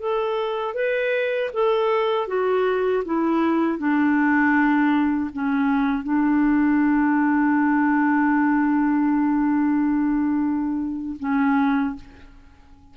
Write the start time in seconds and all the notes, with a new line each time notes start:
0.00 A4
0.74 B4
1.54 A4
2.28 F#4
3.05 E4
3.78 D4
5.33 C#4
6.03 D4
11.20 C#4